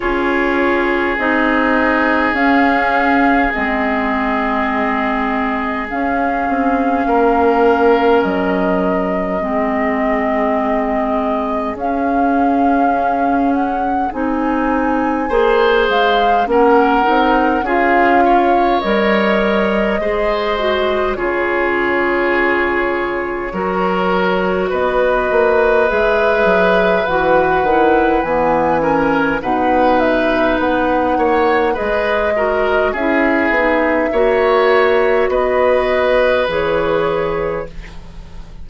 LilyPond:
<<
  \new Staff \with { instrumentName = "flute" } { \time 4/4 \tempo 4 = 51 cis''4 dis''4 f''4 dis''4~ | dis''4 f''2 dis''4~ | dis''2 f''4. fis''8 | gis''4. f''8 fis''4 f''4 |
dis''2 cis''2~ | cis''4 dis''4 e''4 fis''4 | gis''4 fis''8 e''8 fis''4 dis''4 | e''2 dis''4 cis''4 | }
  \new Staff \with { instrumentName = "oboe" } { \time 4/4 gis'1~ | gis'2 ais'2 | gis'1~ | gis'4 c''4 ais'4 gis'8 cis''8~ |
cis''4 c''4 gis'2 | ais'4 b'2.~ | b'8 ais'8 b'4. cis''8 b'8 ais'8 | gis'4 cis''4 b'2 | }
  \new Staff \with { instrumentName = "clarinet" } { \time 4/4 f'4 dis'4 cis'4 c'4~ | c'4 cis'2. | c'2 cis'2 | dis'4 gis'4 cis'8 dis'8 f'4 |
ais'4 gis'8 fis'8 f'2 | fis'2 gis'4 fis'8 e'8 | b8 cis'8 dis'2 gis'8 fis'8 | e'8 dis'8 fis'2 gis'4 | }
  \new Staff \with { instrumentName = "bassoon" } { \time 4/4 cis'4 c'4 cis'4 gis4~ | gis4 cis'8 c'8 ais4 fis4 | gis2 cis'2 | c'4 ais8 gis8 ais8 c'8 cis'4 |
g4 gis4 cis2 | fis4 b8 ais8 gis8 fis8 e8 dis8 | e4 b,4 b8 ais8 gis4 | cis'8 b8 ais4 b4 e4 | }
>>